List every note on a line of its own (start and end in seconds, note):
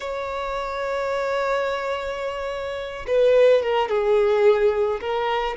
0.00 3.06 C#5
3.07 3.62 B4
3.62 3.89 A#4
3.89 5.00 G#4
5.01 5.56 A#4